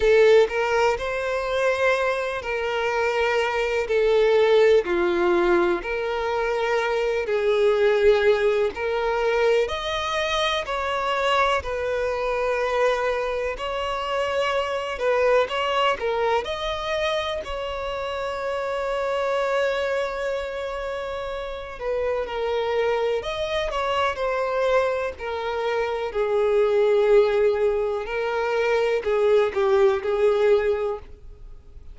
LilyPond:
\new Staff \with { instrumentName = "violin" } { \time 4/4 \tempo 4 = 62 a'8 ais'8 c''4. ais'4. | a'4 f'4 ais'4. gis'8~ | gis'4 ais'4 dis''4 cis''4 | b'2 cis''4. b'8 |
cis''8 ais'8 dis''4 cis''2~ | cis''2~ cis''8 b'8 ais'4 | dis''8 cis''8 c''4 ais'4 gis'4~ | gis'4 ais'4 gis'8 g'8 gis'4 | }